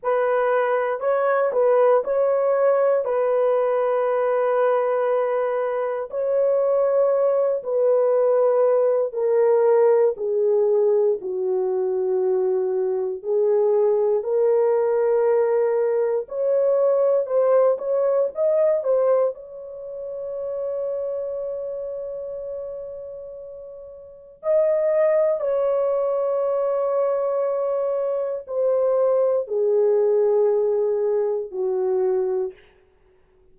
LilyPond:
\new Staff \with { instrumentName = "horn" } { \time 4/4 \tempo 4 = 59 b'4 cis''8 b'8 cis''4 b'4~ | b'2 cis''4. b'8~ | b'4 ais'4 gis'4 fis'4~ | fis'4 gis'4 ais'2 |
cis''4 c''8 cis''8 dis''8 c''8 cis''4~ | cis''1 | dis''4 cis''2. | c''4 gis'2 fis'4 | }